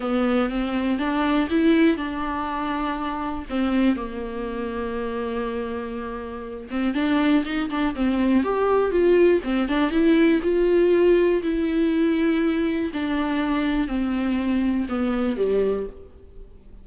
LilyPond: \new Staff \with { instrumentName = "viola" } { \time 4/4 \tempo 4 = 121 b4 c'4 d'4 e'4 | d'2. c'4 | ais1~ | ais4. c'8 d'4 dis'8 d'8 |
c'4 g'4 f'4 c'8 d'8 | e'4 f'2 e'4~ | e'2 d'2 | c'2 b4 g4 | }